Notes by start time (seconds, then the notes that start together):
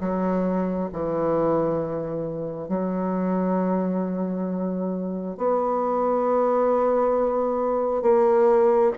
0.00 F#3
0.92 E3
2.69 F#3
5.37 B3
8.02 A#3